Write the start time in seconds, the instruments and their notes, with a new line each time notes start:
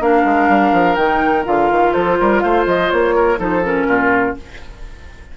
0.00 bassoon A#3, clarinet D4, oboe A#4, flute F5
0.25 bassoon G#3
0.49 bassoon G3
0.73 bassoon F3
0.96 bassoon D#3, clarinet D#4, flute G5
1.45 bassoon D3, clarinet F4, flute F5
1.71 bassoon D#3
1.93 bassoon F3, oboe A4, flute C5
2.20 bassoon G3, oboe A#4
2.40 bassoon A3, oboe C5, flute F5
2.66 bassoon F3, flute D#5
2.91 bassoon A#3, flute C#5
3.15 oboe A#4
3.38 bassoon F3, clarinet D#4, oboe A4, flute C5
3.64 clarinet C#4, flute A#4
3.87 bassoon A#2, oboe F4